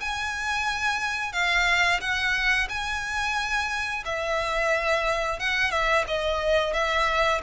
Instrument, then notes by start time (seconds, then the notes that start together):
violin
0.00 G#5
1.32 F5
2.00 F#5
2.69 G#5
4.04 E5
5.39 F#5
5.71 E5
6.07 D#5
6.73 E5